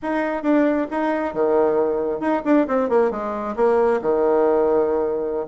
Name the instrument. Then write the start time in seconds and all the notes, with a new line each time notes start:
bassoon
0.02 D#4
0.42 D4
0.90 D#4
1.33 D#3
2.20 D#4
2.44 D4
2.67 C4
2.89 A#3
3.10 G#3
3.56 A#3
4.01 D#3